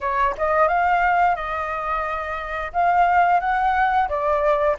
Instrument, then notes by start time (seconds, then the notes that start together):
flute
0.01 C#5
0.37 D#5
0.68 F5
1.35 D#5
2.73 F5
3.40 F#5
4.08 D5